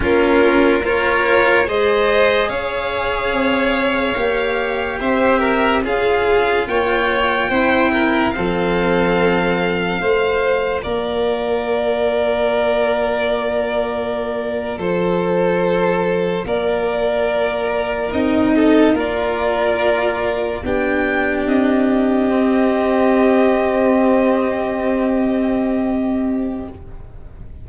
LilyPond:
<<
  \new Staff \with { instrumentName = "violin" } { \time 4/4 \tempo 4 = 72 ais'4 cis''4 dis''4 f''4~ | f''2 e''4 f''4 | g''2 f''2~ | f''4 d''2.~ |
d''4.~ d''16 c''2 d''16~ | d''4.~ d''16 dis''4 d''4~ d''16~ | d''8. g''4 dis''2~ dis''16~ | dis''1 | }
  \new Staff \with { instrumentName = "violin" } { \time 4/4 f'4 ais'4 c''4 cis''4~ | cis''2 c''8 ais'8 gis'4 | cis''4 c''8 ais'8 a'2 | c''4 ais'2.~ |
ais'4.~ ais'16 a'2 ais'16~ | ais'2~ ais'16 a'8 ais'4~ ais'16~ | ais'8. g'2.~ g'16~ | g'1 | }
  \new Staff \with { instrumentName = "cello" } { \time 4/4 cis'4 f'4 gis'2~ | gis'4 g'2 f'4~ | f'4 e'4 c'2 | f'1~ |
f'1~ | f'4.~ f'16 dis'4 f'4~ f'16~ | f'8. d'2 c'4~ c'16~ | c'1 | }
  \new Staff \with { instrumentName = "tuba" } { \time 4/4 ais2 gis4 cis'4 | c'4 ais4 c'4 cis'4 | ais4 c'4 f2 | a4 ais2.~ |
ais4.~ ais16 f2 ais16~ | ais4.~ ais16 c'4 ais4~ ais16~ | ais8. b4 c'2~ c'16~ | c'1 | }
>>